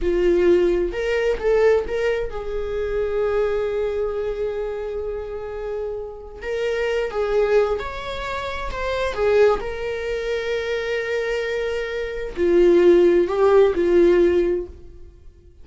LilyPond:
\new Staff \with { instrumentName = "viola" } { \time 4/4 \tempo 4 = 131 f'2 ais'4 a'4 | ais'4 gis'2.~ | gis'1~ | gis'2 ais'4. gis'8~ |
gis'4 cis''2 c''4 | gis'4 ais'2.~ | ais'2. f'4~ | f'4 g'4 f'2 | }